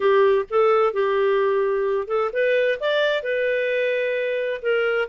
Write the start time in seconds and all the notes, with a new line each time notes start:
0.00 G4
0.50 A4
0.93 G4
2.07 A4
2.32 B4
2.80 D5
3.22 B4
4.62 A#4